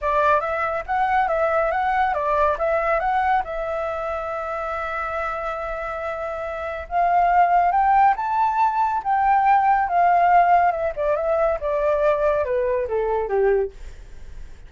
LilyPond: \new Staff \with { instrumentName = "flute" } { \time 4/4 \tempo 4 = 140 d''4 e''4 fis''4 e''4 | fis''4 d''4 e''4 fis''4 | e''1~ | e''1 |
f''2 g''4 a''4~ | a''4 g''2 f''4~ | f''4 e''8 d''8 e''4 d''4~ | d''4 b'4 a'4 g'4 | }